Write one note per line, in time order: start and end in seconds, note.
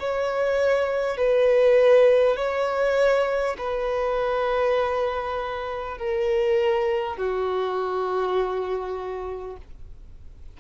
0.00 1.17 C#5
1.17 2.37 B4
2.37 3.57 C#5
3.58 5.98 B4
5.98 7.17 A#4
7.17 9.57 F#4